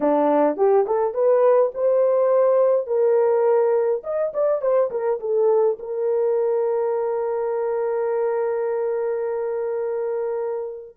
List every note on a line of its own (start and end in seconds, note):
0.00 0.56 D4
0.56 0.85 G4
0.86 1.14 A4
1.14 1.71 B4
1.74 2.86 C5
2.86 4.02 A#4
4.03 4.32 D#5
4.33 4.61 D5
4.61 4.90 C5
4.90 5.19 A#4
5.20 5.77 A4
5.79 10.96 A#4